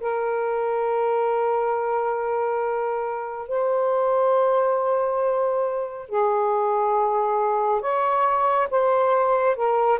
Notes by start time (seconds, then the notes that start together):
0.00 A#4
3.48 C5
6.09 G#4
7.81 C#5
8.70 C5
9.56 A#4